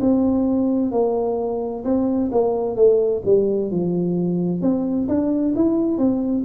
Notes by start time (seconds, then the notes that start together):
0.00 C4
0.91 A#3
1.84 C4
2.32 A#3
2.76 A3
3.25 G3
3.71 F3
4.62 C4
5.08 D4
5.56 E4
5.97 C4